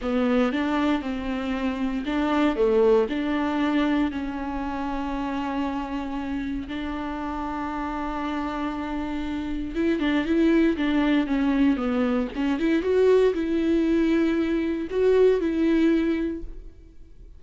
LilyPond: \new Staff \with { instrumentName = "viola" } { \time 4/4 \tempo 4 = 117 b4 d'4 c'2 | d'4 a4 d'2 | cis'1~ | cis'4 d'2.~ |
d'2. e'8 d'8 | e'4 d'4 cis'4 b4 | cis'8 e'8 fis'4 e'2~ | e'4 fis'4 e'2 | }